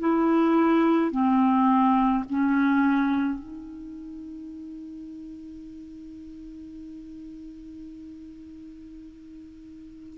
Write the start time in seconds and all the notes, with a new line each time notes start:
0.00 E4
1.11 C4
2.30 C#4
3.40 D#4